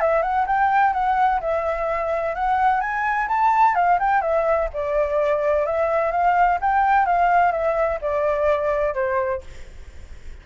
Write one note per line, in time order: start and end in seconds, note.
0.00 0.22 E5
0.22 0.46 F#5
0.47 0.93 G5
0.93 1.40 F#5
1.41 2.35 E5
2.35 2.81 F#5
2.81 3.28 G#5
3.28 3.75 A5
3.75 3.99 F5
3.99 4.21 G5
4.21 4.69 E5
4.74 5.66 D5
5.66 6.11 E5
6.11 6.59 F5
6.61 7.06 G5
7.06 7.52 F5
7.52 7.99 E5
8.01 8.94 D5
8.94 9.41 C5